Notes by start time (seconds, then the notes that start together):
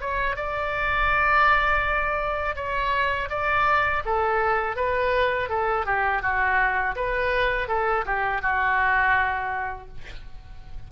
0.00 C#5
0.36 D5
2.55 C#5
3.29 D5
4.05 A4
4.76 B4
5.49 A4
5.85 G4
6.22 F#4
6.95 B4
7.68 A4
8.05 G4
8.41 F#4